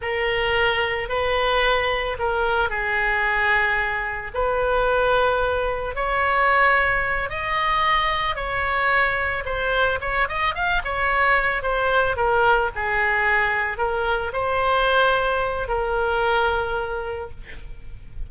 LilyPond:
\new Staff \with { instrumentName = "oboe" } { \time 4/4 \tempo 4 = 111 ais'2 b'2 | ais'4 gis'2. | b'2. cis''4~ | cis''4. dis''2 cis''8~ |
cis''4. c''4 cis''8 dis''8 f''8 | cis''4. c''4 ais'4 gis'8~ | gis'4. ais'4 c''4.~ | c''4 ais'2. | }